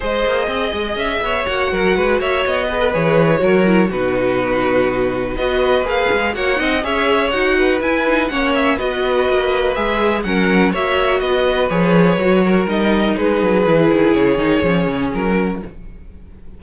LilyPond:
<<
  \new Staff \with { instrumentName = "violin" } { \time 4/4 \tempo 4 = 123 dis''2 e''4 fis''4~ | fis''8 e''8 dis''4 cis''2 | b'2. dis''4 | f''4 fis''4 e''4 fis''4 |
gis''4 fis''8 e''8 dis''2 | e''4 fis''4 e''4 dis''4 | cis''2 dis''4 b'4~ | b'4 cis''2 ais'4 | }
  \new Staff \with { instrumentName = "violin" } { \time 4/4 c''4 dis''4. cis''4 ais'8 | b'8 cis''4 b'4. ais'4 | fis'2. b'4~ | b'4 cis''8 dis''8 cis''4. b'8~ |
b'4 cis''4 b'2~ | b'4 ais'4 cis''4 b'4~ | b'4. ais'4. gis'4~ | gis'2.~ gis'8 fis'8 | }
  \new Staff \with { instrumentName = "viola" } { \time 4/4 gis'2. fis'4~ | fis'4. gis'16 a'16 gis'4 fis'8 e'8 | dis'2. fis'4 | gis'4 fis'8 dis'8 gis'4 fis'4 |
e'8 dis'8 cis'4 fis'2 | gis'4 cis'4 fis'2 | gis'4 fis'4 dis'2 | e'4. dis'8 cis'2 | }
  \new Staff \with { instrumentName = "cello" } { \time 4/4 gis8 ais8 c'8 gis8 cis'8 b8 ais8 fis8 | gis8 ais8 b4 e4 fis4 | b,2. b4 | ais8 gis8 ais8 c'8 cis'4 dis'4 |
e'4 ais4 b4 ais4 | gis4 fis4 ais4 b4 | f4 fis4 g4 gis8 fis8 | e8 dis8 cis8 dis8 f8 cis8 fis4 | }
>>